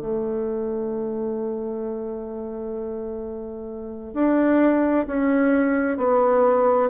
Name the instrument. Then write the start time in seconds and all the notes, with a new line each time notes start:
bassoon
0.00 A3
4.14 D4
5.07 C#4
5.97 B3